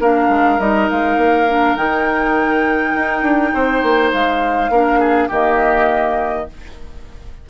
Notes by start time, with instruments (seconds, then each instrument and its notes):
0.00 bassoon A#3, clarinet D4, oboe A#4, flute F5
0.29 bassoon G#3
0.59 bassoon G3, clarinet D#4, flute D#5
0.91 bassoon G#3, flute F5
1.16 bassoon A#3
1.49 clarinet D4
1.77 bassoon D#3, clarinet D#4, flute G5
2.95 bassoon D#4
3.23 bassoon D4
3.54 bassoon C4, oboe C5
3.83 bassoon A#3
4.13 bassoon G#3, flute F5
4.70 bassoon A#3, clarinet D4, oboe A#4
5.00 oboe G#4
5.29 bassoon D#3, clarinet A#3, oboe G4, flute D#5